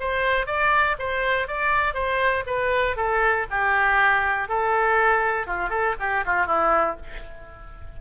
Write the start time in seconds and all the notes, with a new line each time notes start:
0.00 C5
0.46 D5
0.99 C5
1.48 D5
1.94 C5
2.47 B4
2.96 A4
3.51 G4
4.49 A4
5.47 F4
5.70 A4
6.00 G4
6.26 F4
6.47 E4